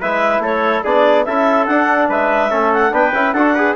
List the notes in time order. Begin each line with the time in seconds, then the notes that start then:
0.00 G#3 E4 B4 E5
0.39 A3 A4 C#5
0.83 B3 D4 G#4 D5
1.24 C#4 E4 A4 E5
1.66 D4 F#5
2.08 G#3 B4 E5
2.49 A3 C#4 A4
2.73 F#5
2.91 B3 D4 B4 G5
3.13 C#4 E4
3.32 D4 F#4 A4 F#5
3.54 G#4 B4